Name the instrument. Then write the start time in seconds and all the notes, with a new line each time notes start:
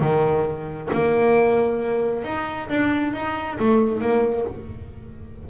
double bass
0.00 D#3
0.92 A#3
2.24 D#4
2.69 D4
3.13 D#4
3.59 A3
4.01 A#3